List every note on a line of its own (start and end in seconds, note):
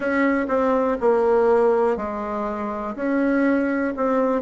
0.00 0.46 C#4
0.48 0.97 C4
1.00 1.97 A#3
1.97 2.95 G#3
2.95 3.93 C#4
3.96 4.41 C4